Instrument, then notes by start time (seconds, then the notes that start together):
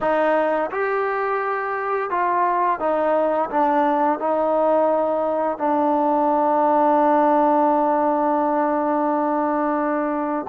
trombone
0.00 D#4
0.70 G4
2.10 F4
2.79 D#4
3.50 D4
4.19 D#4
5.58 D4